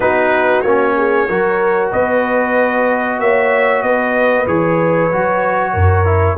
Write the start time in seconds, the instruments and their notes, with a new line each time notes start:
0.00 tuba B3, trombone D#4, horn F#4, trumpet B4
0.61 tuba A#3, trombone C#4, trumpet C#5
0.96 horn G#4
1.28 tuba F#3, trombone F#4, horn A#4
1.89 tuba B3, horn B4, trumpet D#5
3.19 tuba A#3, horn C#5, trumpet E5
3.82 tuba B3, horn B4, trumpet D#5
4.47 tuba E3, trombone G#4, trumpet C#5
5.11 tuba F#3, trombone F#4
5.72 tuba F#2, horn A#4
6.05 trombone E4